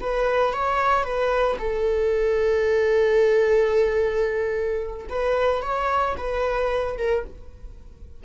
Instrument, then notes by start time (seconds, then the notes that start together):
viola
0.00 B4
0.53 C#5
1.03 B4
1.58 A4
5.09 B4
5.62 C#5
6.17 B4
6.97 A#4